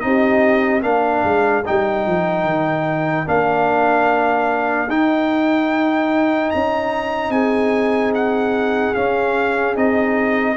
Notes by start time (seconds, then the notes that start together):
0.00 C4 D#4 G4 D#5
0.82 A#3 D4 A#4 F5
1.24 G#3
1.65 G3 D#4 G5
2.06 F3
2.44 D#3
3.26 A#3 D4 F5
4.88 D#4 G5
6.51 C#4 A#5
7.29 C4 G#4 G#5
8.14 F#5
8.94 C#4 F5
9.76 C4 D#4 D#5